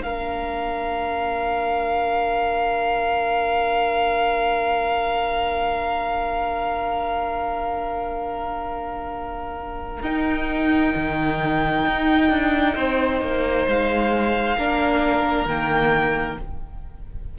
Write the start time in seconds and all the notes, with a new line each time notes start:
0.00 A#3 D4 A#4 F5
10.02 D#4 G5
10.95 D#3
11.87 D#4
12.30 D4
12.74 C4 C5
13.21 A#3
13.67 G#3 F5
14.57 A#3 D4 A#4
15.45 D#3 A#3 G5